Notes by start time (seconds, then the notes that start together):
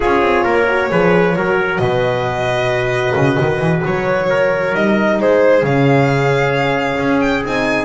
0.00 C#4 F4 G#4 C#5
0.21 C4
0.43 A#3 A#4
0.68 F#4
0.90 F3 G#4 B4
1.35 F#3 F#4 A#4
1.77 B2 B4 D#5
3.15 C#3
3.39 D#3
3.59 E3
3.85 F#3 C#5
4.29 A#4
4.72 G3 D#4 D#5
5.19 G#3 G#4 C5
5.62 C#3 C#4 F5
6.98 C#4
7.20 G5
7.44 C4 D#4 G#5